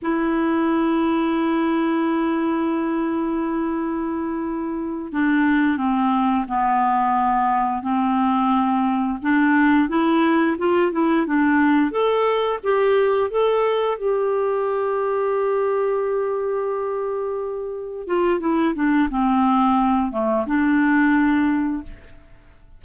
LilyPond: \new Staff \with { instrumentName = "clarinet" } { \time 4/4 \tempo 4 = 88 e'1~ | e'2.~ e'8 d'8~ | d'8 c'4 b2 c'8~ | c'4. d'4 e'4 f'8 |
e'8 d'4 a'4 g'4 a'8~ | a'8 g'2.~ g'8~ | g'2~ g'8 f'8 e'8 d'8 | c'4. a8 d'2 | }